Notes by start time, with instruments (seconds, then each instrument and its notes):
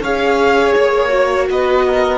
0.00 cello C#4, viola G#4, violin C#5 F5
0.72 cello A#3, violin C#5
1.08 viola F#4
1.49 cello B3, violin B4 D#5
1.87 violin A#4